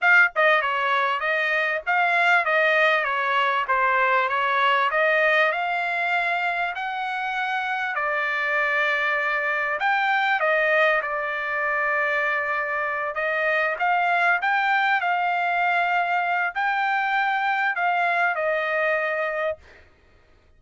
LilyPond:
\new Staff \with { instrumentName = "trumpet" } { \time 4/4 \tempo 4 = 98 f''8 dis''8 cis''4 dis''4 f''4 | dis''4 cis''4 c''4 cis''4 | dis''4 f''2 fis''4~ | fis''4 d''2. |
g''4 dis''4 d''2~ | d''4. dis''4 f''4 g''8~ | g''8 f''2~ f''8 g''4~ | g''4 f''4 dis''2 | }